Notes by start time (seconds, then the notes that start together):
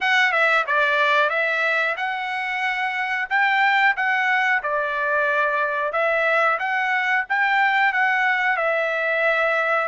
0.01 F#5
0.31 E5
0.66 D5
1.29 E5
1.97 F#5
3.29 G5
3.96 F#5
4.62 D5
5.92 E5
6.59 F#5
7.29 G5
7.92 F#5
8.57 E5